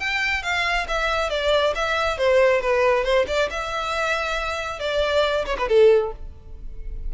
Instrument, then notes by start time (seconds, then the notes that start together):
violin
0.00 G5
0.43 F5
0.88 E5
1.30 D5
1.75 E5
2.18 C5
2.61 B4
3.04 C5
3.28 D5
3.50 E5
4.80 D5
5.46 C#5
5.58 B4
5.69 A4